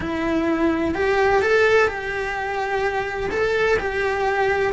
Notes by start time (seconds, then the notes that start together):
0.00 E4
0.94 G4
1.42 A4
1.88 G4
3.30 A4
3.79 G4